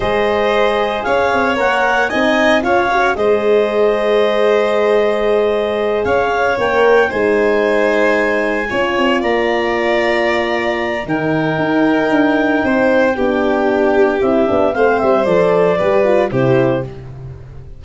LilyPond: <<
  \new Staff \with { instrumentName = "clarinet" } { \time 4/4 \tempo 4 = 114 dis''2 f''4 fis''4 | gis''4 f''4 dis''2~ | dis''2.~ dis''8 f''8~ | f''8 g''4 gis''2~ gis''8~ |
gis''4. ais''2~ ais''8~ | ais''4 g''2.~ | g''2. e''4 | f''8 e''8 d''2 c''4 | }
  \new Staff \with { instrumentName = "violin" } { \time 4/4 c''2 cis''2 | dis''4 cis''4 c''2~ | c''2.~ c''8 cis''8~ | cis''4. c''2~ c''8~ |
c''8 cis''4 d''2~ d''8~ | d''4 ais'2. | c''4 g'2. | c''2 b'4 g'4 | }
  \new Staff \with { instrumentName = "horn" } { \time 4/4 gis'2. ais'4 | dis'4 f'8 fis'8 gis'2~ | gis'1~ | gis'8 ais'4 dis'2~ dis'8~ |
dis'8 f'2.~ f'8~ | f'4 dis'2.~ | dis'4 d'2 e'8 d'8 | c'4 a'4 g'8 f'8 e'4 | }
  \new Staff \with { instrumentName = "tuba" } { \time 4/4 gis2 cis'8 c'8 ais4 | c'4 cis'4 gis2~ | gis2.~ gis8 cis'8~ | cis'8 ais4 gis2~ gis8~ |
gis8 cis'8 c'8 ais2~ ais8~ | ais4 dis4 dis'4 d'4 | c'4 b2 c'8 b8 | a8 g8 f4 g4 c4 | }
>>